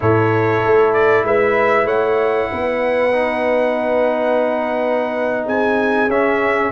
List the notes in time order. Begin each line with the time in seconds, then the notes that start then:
0.00 A2 E4 A4 C#5
0.66 A3
0.93 D5
1.23 G#3 B4 E5
1.85 A3 C#5 F#5
2.51 B3 B4
3.12 D#4
5.45 C4 G#4 G#5
6.07 C#4 E5